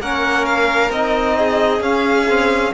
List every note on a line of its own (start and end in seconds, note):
0.00 0.91 A#3
0.00 0.93 C#4
0.00 1.37 A#4
0.00 0.46 F#5
0.46 0.91 F5
0.91 1.80 C4
0.91 1.81 D#4
0.91 1.83 D#5
1.38 2.74 G#4
1.80 2.71 C#4
1.80 2.27 C#4
1.80 2.74 F5
2.28 2.74 C4